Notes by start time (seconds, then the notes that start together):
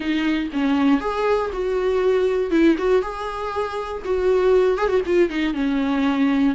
0.00 D#4
0.52 C#4
1.00 G#4
1.52 F#4
2.50 E4
2.78 F#4
3.02 G#4
4.05 F#4
4.77 G#4
4.88 F#4
5.06 F4
5.29 D#4
5.54 C#4